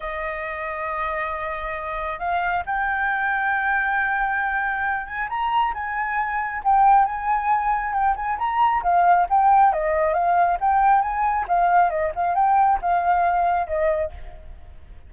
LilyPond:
\new Staff \with { instrumentName = "flute" } { \time 4/4 \tempo 4 = 136 dis''1~ | dis''4 f''4 g''2~ | g''2.~ g''8 gis''8 | ais''4 gis''2 g''4 |
gis''2 g''8 gis''8 ais''4 | f''4 g''4 dis''4 f''4 | g''4 gis''4 f''4 dis''8 f''8 | g''4 f''2 dis''4 | }